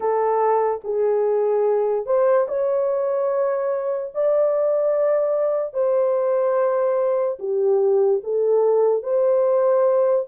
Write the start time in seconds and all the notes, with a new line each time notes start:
0.00 A4
0.84 G#4
2.05 C5
2.48 C#5
4.14 D5
5.73 C5
7.39 G4
8.23 A4
9.02 C5